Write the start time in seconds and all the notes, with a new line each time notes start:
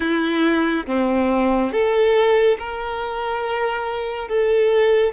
0.00 E4
0.86 C4
1.71 A4
2.58 A#4
4.28 A4